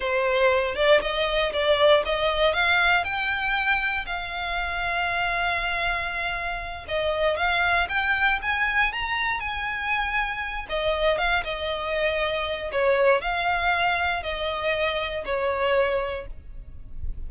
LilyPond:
\new Staff \with { instrumentName = "violin" } { \time 4/4 \tempo 4 = 118 c''4. d''8 dis''4 d''4 | dis''4 f''4 g''2 | f''1~ | f''4. dis''4 f''4 g''8~ |
g''8 gis''4 ais''4 gis''4.~ | gis''4 dis''4 f''8 dis''4.~ | dis''4 cis''4 f''2 | dis''2 cis''2 | }